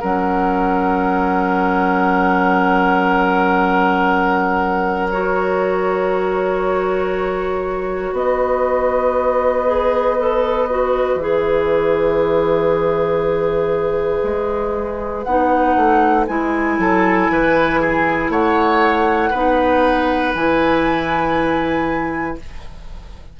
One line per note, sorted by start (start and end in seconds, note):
0.00 8.13 F#3
0.00 5.11 C#4
0.00 8.14 A#4
0.00 5.08 F#5
5.10 9.66 F#4
5.10 8.15 C#5
8.13 11.15 B3
8.13 16.78 B4
8.13 11.21 D#5
9.66 10.17 G#4
10.18 10.69 A4
10.69 11.20 F#4
11.15 14.20 E3
11.15 15.27 G#4
11.15 15.23 E5
14.24 15.25 G#3
15.23 15.76 B3
15.23 16.28 D#4
15.23 16.24 F#5
15.76 16.27 A3
16.27 16.78 G#3
16.27 19.33 E4
16.27 18.31 G#5
16.78 17.29 F#3
16.78 17.31 A4
17.30 18.29 E3
17.30 17.80 B4
17.80 18.31 G#4
18.29 19.31 A3
18.29 19.30 C#5
18.29 20.34 F#5
19.30 20.34 B3
19.30 20.35 D#4
19.30 22.35 B4
20.34 22.38 E3
20.34 22.39 E4
20.34 22.38 G#5